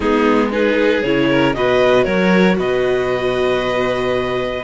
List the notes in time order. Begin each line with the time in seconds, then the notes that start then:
0.00 G#3 B3 D#4 G#4
0.51 D#4 G#4 B4
1.02 C#3 E4 C#5
1.29 A#4
1.54 B2 F#4 B4 D#5
2.04 F#3 A#4 C#5
2.59 B2 B4 D#5